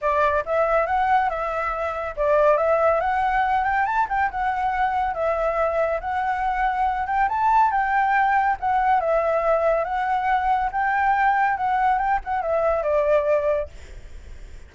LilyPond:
\new Staff \with { instrumentName = "flute" } { \time 4/4 \tempo 4 = 140 d''4 e''4 fis''4 e''4~ | e''4 d''4 e''4 fis''4~ | fis''8 g''8 a''8 g''8 fis''2 | e''2 fis''2~ |
fis''8 g''8 a''4 g''2 | fis''4 e''2 fis''4~ | fis''4 g''2 fis''4 | g''8 fis''8 e''4 d''2 | }